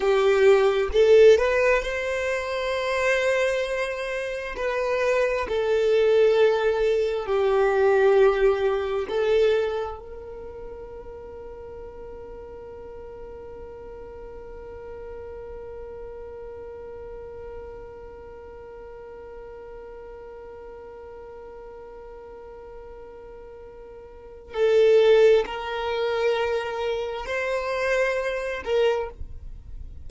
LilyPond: \new Staff \with { instrumentName = "violin" } { \time 4/4 \tempo 4 = 66 g'4 a'8 b'8 c''2~ | c''4 b'4 a'2 | g'2 a'4 ais'4~ | ais'1~ |
ais'1~ | ais'1~ | ais'2. a'4 | ais'2 c''4. ais'8 | }